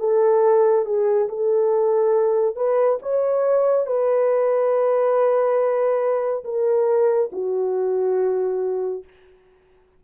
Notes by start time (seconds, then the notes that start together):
0.00 A4
0.86 G#4
1.29 A4
2.56 B4
3.03 C#5
3.87 B4
6.45 A#4
7.33 F#4